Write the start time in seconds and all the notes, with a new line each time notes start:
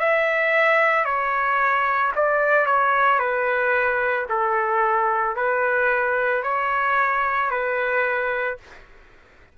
0.00 E5
1.05 C#5
2.16 D5
2.66 C#5
3.19 B4
4.30 A4
5.36 B4
6.43 C#5
7.50 B4